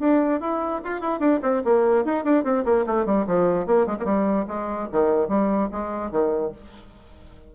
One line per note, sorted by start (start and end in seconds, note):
0.00 0.41 D4
0.41 0.82 E4
0.85 1.01 F4
1.01 1.20 E4
1.20 1.40 D4
1.43 1.63 C4
1.65 2.05 A#3
2.05 2.25 D#4
2.25 2.45 D4
2.45 2.65 C4
2.65 2.86 A#3
2.87 3.06 A3
3.06 3.27 G3
3.27 3.67 F3
3.67 3.87 A#3
3.87 3.97 G#3
4.00 4.46 G3
4.00 4.05 A#3
4.48 4.89 G#3
4.92 5.29 D#3
5.29 5.70 G3
5.72 6.12 G#3
6.12 6.53 D#3